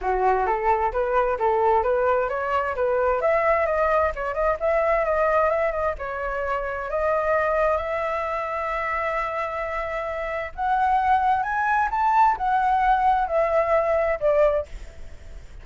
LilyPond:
\new Staff \with { instrumentName = "flute" } { \time 4/4 \tempo 4 = 131 fis'4 a'4 b'4 a'4 | b'4 cis''4 b'4 e''4 | dis''4 cis''8 dis''8 e''4 dis''4 | e''8 dis''8 cis''2 dis''4~ |
dis''4 e''2.~ | e''2. fis''4~ | fis''4 gis''4 a''4 fis''4~ | fis''4 e''2 d''4 | }